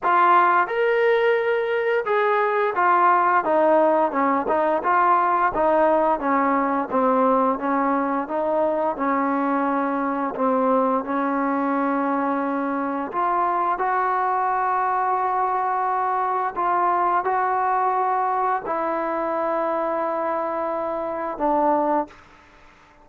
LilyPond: \new Staff \with { instrumentName = "trombone" } { \time 4/4 \tempo 4 = 87 f'4 ais'2 gis'4 | f'4 dis'4 cis'8 dis'8 f'4 | dis'4 cis'4 c'4 cis'4 | dis'4 cis'2 c'4 |
cis'2. f'4 | fis'1 | f'4 fis'2 e'4~ | e'2. d'4 | }